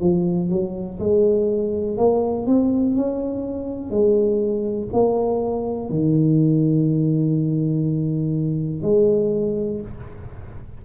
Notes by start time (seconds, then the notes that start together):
0.00 F3
0.49 F#3
0.99 G#3
1.97 A#3
2.46 C4
2.95 C#4
3.90 G#3
4.92 A#3
5.89 D#3
8.82 G#3